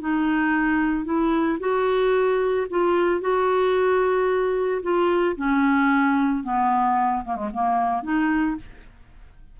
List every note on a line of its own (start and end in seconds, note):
0.00 1.04 D#4
1.04 1.58 E4
1.59 2.66 F#4
2.70 3.20 F4
3.20 4.81 F#4
4.82 5.35 F4
5.36 6.43 C#4
6.43 7.23 B3
7.24 7.36 A#3
7.36 7.49 G#3
7.53 8.03 A#3
8.03 8.56 D#4